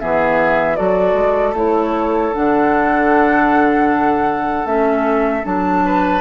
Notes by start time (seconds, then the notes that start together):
0.00 E3 B3 G#4 E5
0.76 F#3 F#4 A4 D5
1.14 G#3
1.53 A3 E4 C#5
2.33 D3 D4 F#5
4.65 A3 C#4 E5
5.43 F#3 D4 A5
5.86 B4